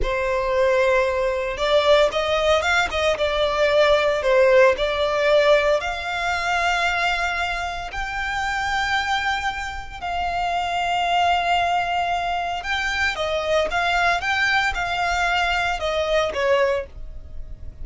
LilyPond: \new Staff \with { instrumentName = "violin" } { \time 4/4 \tempo 4 = 114 c''2. d''4 | dis''4 f''8 dis''8 d''2 | c''4 d''2 f''4~ | f''2. g''4~ |
g''2. f''4~ | f''1 | g''4 dis''4 f''4 g''4 | f''2 dis''4 cis''4 | }